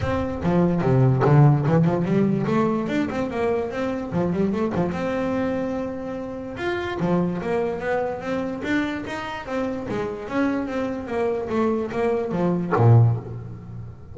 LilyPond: \new Staff \with { instrumentName = "double bass" } { \time 4/4 \tempo 4 = 146 c'4 f4 c4 d4 | e8 f8 g4 a4 d'8 c'8 | ais4 c'4 f8 g8 a8 f8 | c'1 |
f'4 f4 ais4 b4 | c'4 d'4 dis'4 c'4 | gis4 cis'4 c'4 ais4 | a4 ais4 f4 ais,4 | }